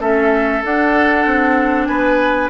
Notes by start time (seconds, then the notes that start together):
0.00 A3 C#4 A4 E5
0.63 D4 F#5
1.26 C4
1.86 B3 B4 G#5